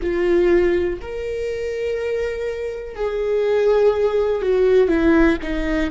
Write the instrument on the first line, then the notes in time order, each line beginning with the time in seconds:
viola
0.01 F4
1.01 A#4
2.95 G#4
4.42 F#4
4.88 E4
5.42 D#4